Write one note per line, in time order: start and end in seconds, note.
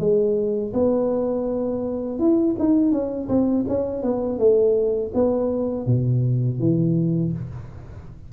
0.00 0.73 G#3
0.74 2.20 B3
2.20 2.56 E4
2.60 2.92 D#4
2.92 3.29 C#4
3.29 3.66 C4
3.69 4.03 C#4
4.03 4.39 B3
4.39 5.12 A3
5.15 5.87 B3
5.87 6.60 B2
6.60 7.33 E3